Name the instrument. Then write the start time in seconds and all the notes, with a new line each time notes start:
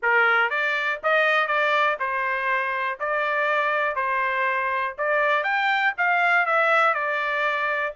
trumpet
0.02 A#4
0.50 D5
1.03 D#5
1.47 D5
1.99 C5
2.99 D5
3.95 C5
4.98 D5
5.43 G5
5.97 F5
6.46 E5
6.94 D5